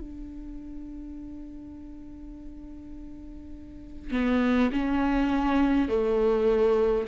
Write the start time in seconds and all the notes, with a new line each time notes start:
0.00 D4
4.11 B3
4.72 C#4
5.88 A3